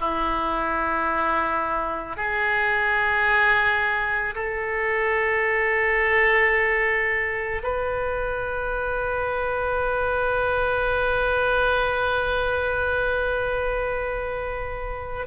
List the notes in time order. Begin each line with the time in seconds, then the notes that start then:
0.00 E4
2.16 G#4
4.35 A4
7.63 B4